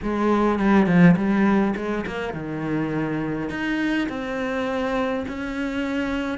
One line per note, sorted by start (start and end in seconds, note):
0.02 0.59 G#3
0.59 0.86 G3
0.86 1.15 F3
1.16 1.74 G3
1.76 2.05 G#3
2.06 2.33 A#3
2.33 3.50 D#3
3.50 4.08 D#4
4.08 5.25 C4
5.28 6.38 C#4